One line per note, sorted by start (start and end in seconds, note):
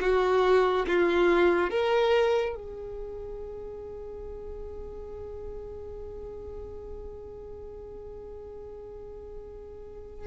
0.00 0.86 F#4
0.87 1.70 F4
1.70 2.55 A#4
2.55 10.26 G#4